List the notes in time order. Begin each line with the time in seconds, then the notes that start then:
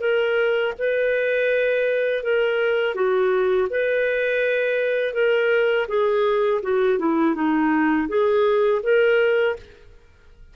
0.00 A#4
0.78 B4
2.23 A#4
2.95 F#4
3.70 B4
5.14 A#4
5.88 G#4
6.62 F#4
6.99 E4
7.35 D#4
8.08 G#4
8.83 A#4